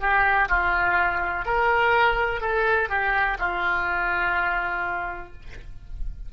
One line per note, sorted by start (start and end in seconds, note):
0.00 0.48 G4
0.48 1.45 F4
1.45 2.41 A#4
2.41 2.89 A4
2.89 3.37 G4
3.39 5.33 F4